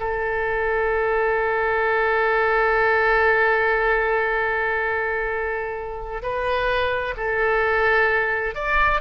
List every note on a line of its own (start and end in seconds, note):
0.00 6.23 A4
6.23 7.15 B4
7.17 8.55 A4
8.55 9.01 D5